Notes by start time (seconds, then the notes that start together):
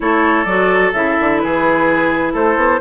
0.00 A3 E4 A4 C#5
0.44 F#3 F#4 D5
0.93 C#3 E4 E5
1.20 D3
1.39 E3 G#4 B4
2.33 A3 A4 C5
2.56 B3